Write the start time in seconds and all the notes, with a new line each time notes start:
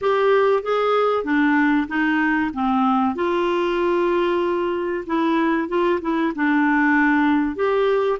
0.01 G4
0.62 G#4
1.24 D4
1.87 D#4
2.53 C4
3.15 F4
5.06 E4
5.68 F4
6.01 E4
6.35 D4
7.55 G4